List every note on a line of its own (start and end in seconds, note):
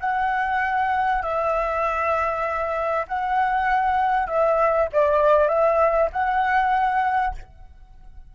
0.00 1.22 F#5
1.22 3.06 E5
3.08 4.27 F#5
4.27 4.88 E5
4.92 5.49 D5
5.49 6.10 E5
6.12 7.35 F#5